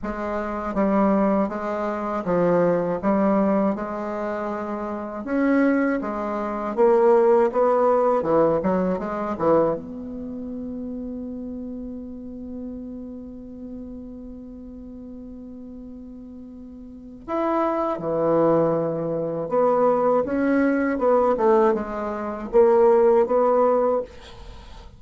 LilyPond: \new Staff \with { instrumentName = "bassoon" } { \time 4/4 \tempo 4 = 80 gis4 g4 gis4 f4 | g4 gis2 cis'4 | gis4 ais4 b4 e8 fis8 | gis8 e8 b2.~ |
b1~ | b2. e'4 | e2 b4 cis'4 | b8 a8 gis4 ais4 b4 | }